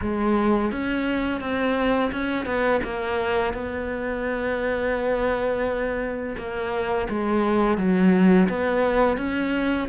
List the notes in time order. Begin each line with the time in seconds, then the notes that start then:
0.01 G#3
0.71 C#4
1.40 C4
2.11 C#4
2.45 B3
2.83 A#3
3.53 B3
6.37 A#3
7.09 G#3
7.77 F#3
8.49 B3
9.17 C#4